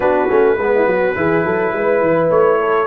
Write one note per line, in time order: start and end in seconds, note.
0.00 0.28 B3
0.00 0.29 D4
0.00 0.56 F#4
0.00 2.29 B4
0.29 0.57 A3
0.29 0.58 C#4
0.56 0.86 G#3
0.56 1.15 B3
0.56 0.70 B4
0.74 0.87 E4
0.86 1.15 F#3
0.86 1.16 F#4
1.15 1.44 E3
1.15 2.86 E4
1.15 1.45 G#4
1.44 1.72 F#3
1.44 1.74 A4
1.72 2.01 G#3
1.72 2.60 B4
2.01 2.30 E3
2.30 2.86 A3
2.30 2.86 C#5
2.60 2.86 A4